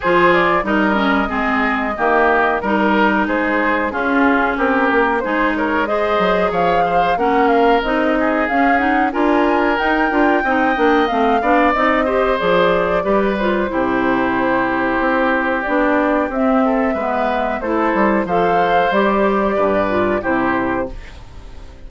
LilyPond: <<
  \new Staff \with { instrumentName = "flute" } { \time 4/4 \tempo 4 = 92 c''8 d''8 dis''2. | ais'4 c''4 gis'4 ais'4 | c''8 cis''8 dis''4 f''4 fis''8 f''8 | dis''4 f''8 fis''8 gis''4 g''4~ |
g''4 f''4 dis''4 d''4~ | d''8 c''2.~ c''8 | d''4 e''2 c''4 | f''4 d''2 c''4 | }
  \new Staff \with { instrumentName = "oboe" } { \time 4/4 gis'4 ais'4 gis'4 g'4 | ais'4 gis'4 f'4 g'4 | gis'8 ais'8 c''4 cis''8 c''8 ais'4~ | ais'8 gis'4. ais'2 |
dis''4. d''4 c''4. | b'4 g'2.~ | g'4. a'8 b'4 a'4 | c''2 b'4 g'4 | }
  \new Staff \with { instrumentName = "clarinet" } { \time 4/4 f'4 dis'8 cis'8 c'4 ais4 | dis'2 cis'2 | dis'4 gis'2 cis'4 | dis'4 cis'8 dis'8 f'4 dis'8 f'8 |
dis'8 d'8 c'8 d'8 dis'8 g'8 gis'4 | g'8 f'8 e'2. | d'4 c'4 b4 e'4 | a'4 g'4. f'8 e'4 | }
  \new Staff \with { instrumentName = "bassoon" } { \time 4/4 f4 g4 gis4 dis4 | g4 gis4 cis'4 c'8 ais8 | gis4. fis8 f4 ais4 | c'4 cis'4 d'4 dis'8 d'8 |
c'8 ais8 a8 b8 c'4 f4 | g4 c2 c'4 | b4 c'4 gis4 a8 g8 | f4 g4 g,4 c4 | }
>>